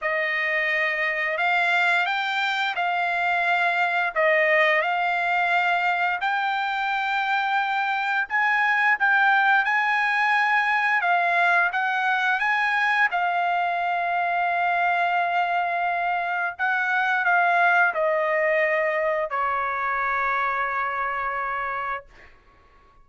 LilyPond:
\new Staff \with { instrumentName = "trumpet" } { \time 4/4 \tempo 4 = 87 dis''2 f''4 g''4 | f''2 dis''4 f''4~ | f''4 g''2. | gis''4 g''4 gis''2 |
f''4 fis''4 gis''4 f''4~ | f''1 | fis''4 f''4 dis''2 | cis''1 | }